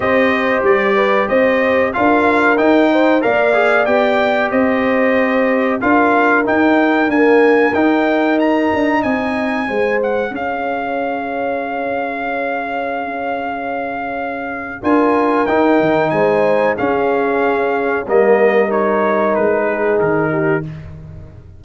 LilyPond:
<<
  \new Staff \with { instrumentName = "trumpet" } { \time 4/4 \tempo 4 = 93 dis''4 d''4 dis''4 f''4 | g''4 f''4 g''4 dis''4~ | dis''4 f''4 g''4 gis''4 | g''4 ais''4 gis''4. fis''8 |
f''1~ | f''2. gis''4 | g''4 gis''4 f''2 | dis''4 cis''4 b'4 ais'4 | }
  \new Staff \with { instrumentName = "horn" } { \time 4/4 c''4. b'8 c''4 ais'4~ | ais'8 c''8 d''2 c''4~ | c''4 ais'2.~ | ais'2 dis''4 c''4 |
cis''1~ | cis''2. ais'4~ | ais'4 c''4 gis'2 | ais'2~ ais'8 gis'4 g'8 | }
  \new Staff \with { instrumentName = "trombone" } { \time 4/4 g'2. f'4 | dis'4 ais'8 gis'8 g'2~ | g'4 f'4 dis'4 ais4 | dis'2. gis'4~ |
gis'1~ | gis'2. f'4 | dis'2 cis'2 | ais4 dis'2. | }
  \new Staff \with { instrumentName = "tuba" } { \time 4/4 c'4 g4 c'4 d'4 | dis'4 ais4 b4 c'4~ | c'4 d'4 dis'4 d'4 | dis'4. d'8 c'4 gis4 |
cis'1~ | cis'2. d'4 | dis'8 dis8 gis4 cis'2 | g2 gis4 dis4 | }
>>